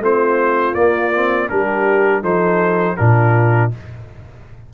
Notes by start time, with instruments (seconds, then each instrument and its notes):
0.00 tuba A3, trombone C4, horn F4, trumpet C5
0.75 tuba A#3, trombone A#3, trumpet D5
1.14 trombone C4
1.49 tuba G3, trombone D4, horn G4, trumpet A#4
2.21 tuba F3, trombone D#4, horn A4, trumpet C5
2.97 tuba A#2, trombone D4, horn F4, trumpet A#4